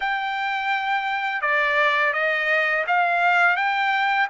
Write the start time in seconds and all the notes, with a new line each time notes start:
0.00 G5
1.41 D5
2.13 D#5
2.87 F5
3.56 G5